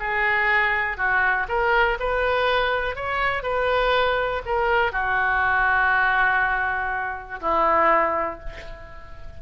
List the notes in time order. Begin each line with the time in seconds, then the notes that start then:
0.00 G#4
0.98 F#4
1.49 A#4
2.00 B4
2.96 C#5
3.43 B4
4.46 A#4
4.92 F#4
7.41 E4